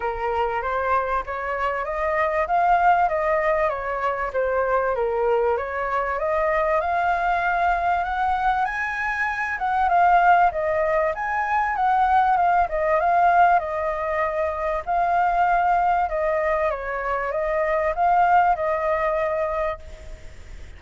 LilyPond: \new Staff \with { instrumentName = "flute" } { \time 4/4 \tempo 4 = 97 ais'4 c''4 cis''4 dis''4 | f''4 dis''4 cis''4 c''4 | ais'4 cis''4 dis''4 f''4~ | f''4 fis''4 gis''4. fis''8 |
f''4 dis''4 gis''4 fis''4 | f''8 dis''8 f''4 dis''2 | f''2 dis''4 cis''4 | dis''4 f''4 dis''2 | }